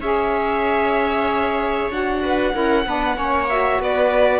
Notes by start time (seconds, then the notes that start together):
0.00 C#4 G#4 C#5 E5
1.90 D4 F#4 F#5
2.22 B4
2.52 C#4 E4 A#4
2.86 B3 D4 B4
3.15 A#3 C#4 C#5
3.49 F#4 E5
3.79 B3 B4 D5